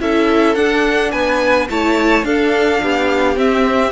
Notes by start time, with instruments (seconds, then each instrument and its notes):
0.00 cello C#4, viola E4, violin A4 E5
0.55 viola D4, cello D4, violin F#5
1.11 cello B3, violin B4 G#5
1.70 cello A3, viola E4, violin C#5 A5
2.23 cello D4, viola D4, violin A4 F5
2.83 cello B3, violin G4
3.36 viola C4, cello C4, violin E5